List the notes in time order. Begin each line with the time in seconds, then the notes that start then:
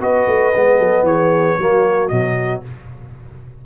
0.00 B3 F#4 B4 D#5
0.26 A3
0.55 G#3 B3
0.78 F#3 A4
1.03 E3 G#4 C#5
1.58 F#3 A#3 F#4
2.08 B2 F#3 D#5